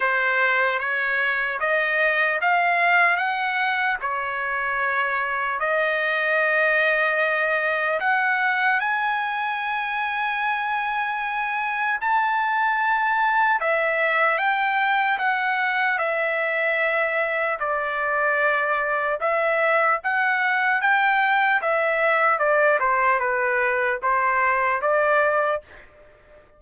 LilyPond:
\new Staff \with { instrumentName = "trumpet" } { \time 4/4 \tempo 4 = 75 c''4 cis''4 dis''4 f''4 | fis''4 cis''2 dis''4~ | dis''2 fis''4 gis''4~ | gis''2. a''4~ |
a''4 e''4 g''4 fis''4 | e''2 d''2 | e''4 fis''4 g''4 e''4 | d''8 c''8 b'4 c''4 d''4 | }